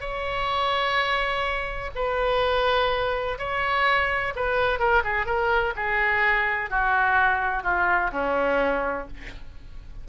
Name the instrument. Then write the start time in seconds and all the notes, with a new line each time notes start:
oboe
0.00 C#5
1.95 B4
3.38 C#5
4.35 B4
4.79 A#4
5.04 G#4
5.26 A#4
5.76 G#4
6.70 F#4
7.63 F4
8.12 C#4